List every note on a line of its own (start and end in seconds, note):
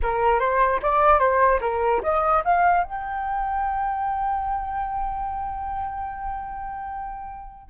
0.02 0.39 A#4
0.39 0.80 C5
0.82 1.19 D5
1.19 1.59 C5
1.61 2.01 A#4
2.02 2.43 D#5
2.44 2.83 F5
2.83 7.70 G5